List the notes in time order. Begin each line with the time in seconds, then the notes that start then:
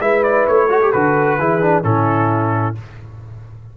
0.00 G#3 E4 B4 E5
0.24 D5
0.47 A3 C#5
0.70 F#4 A4
0.82 G4
0.93 D3 F#4 B4
1.39 E3 E4 G#4
1.62 D4
1.84 A2 C#4 E4 A4